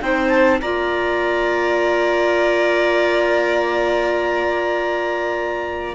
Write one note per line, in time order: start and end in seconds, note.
0.00 0.61 C4
0.00 0.59 D#4
0.00 0.60 C5
0.00 0.28 G5
0.28 0.58 A5
0.61 5.95 A#3
0.61 5.95 F4
0.61 5.95 D5
0.61 5.95 A#5